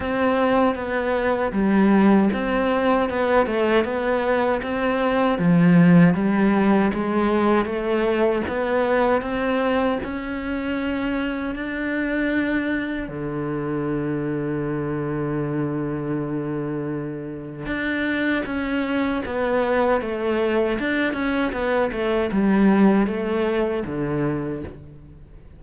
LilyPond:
\new Staff \with { instrumentName = "cello" } { \time 4/4 \tempo 4 = 78 c'4 b4 g4 c'4 | b8 a8 b4 c'4 f4 | g4 gis4 a4 b4 | c'4 cis'2 d'4~ |
d'4 d2.~ | d2. d'4 | cis'4 b4 a4 d'8 cis'8 | b8 a8 g4 a4 d4 | }